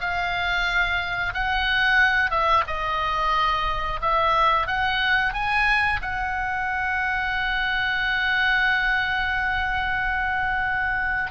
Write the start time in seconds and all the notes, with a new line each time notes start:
0.00 F5
1.34 F#5
2.30 E5
2.67 D#5
4.01 E5
4.67 F#5
5.33 G#5
6.02 F#5